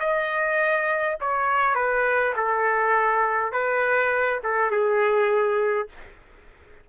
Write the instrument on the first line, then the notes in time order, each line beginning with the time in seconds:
trumpet
0.00 D#5
1.21 C#5
1.75 B4
2.36 A4
3.52 B4
4.44 A4
4.71 G#4